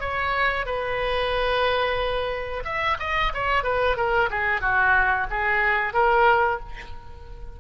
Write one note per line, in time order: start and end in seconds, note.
0.00 0.66 C#5
0.66 2.63 B4
2.64 2.97 E5
2.99 3.32 D#5
3.34 3.63 C#5
3.63 3.96 B4
3.97 4.29 A#4
4.30 4.61 G#4
4.61 5.27 F#4
5.30 5.93 G#4
5.93 6.59 A#4